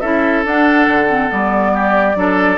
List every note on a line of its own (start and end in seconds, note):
0.00 0.44 C#4
0.00 0.45 E4
0.00 1.72 A4
0.00 0.43 E5
0.44 0.87 D4
0.44 1.08 D4
0.44 1.32 F#5
0.87 1.30 D3
1.08 1.28 C4
1.28 2.15 G3
1.28 2.14 B3
1.28 2.58 D5
1.73 2.16 G4
2.15 2.58 F#3
2.15 2.58 D4
2.15 2.58 A4